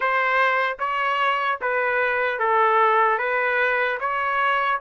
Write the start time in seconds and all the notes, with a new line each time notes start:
0.00 C5
0.79 C#5
1.61 B4
2.39 A4
3.18 B4
4.00 C#5